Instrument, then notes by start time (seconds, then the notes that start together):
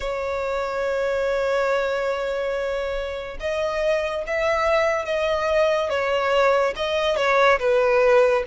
violin
0.00 C#5
3.40 D#5
4.27 E5
5.05 D#5
5.89 C#5
6.76 D#5
7.16 C#5
7.59 B4